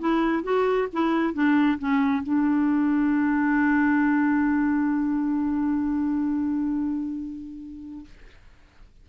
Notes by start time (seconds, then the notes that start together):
0.00 E4
0.43 F#4
0.93 E4
1.34 D4
1.79 C#4
2.23 D4